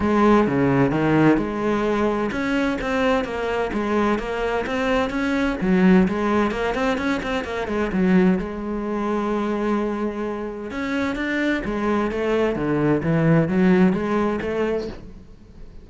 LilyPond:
\new Staff \with { instrumentName = "cello" } { \time 4/4 \tempo 4 = 129 gis4 cis4 dis4 gis4~ | gis4 cis'4 c'4 ais4 | gis4 ais4 c'4 cis'4 | fis4 gis4 ais8 c'8 cis'8 c'8 |
ais8 gis8 fis4 gis2~ | gis2. cis'4 | d'4 gis4 a4 d4 | e4 fis4 gis4 a4 | }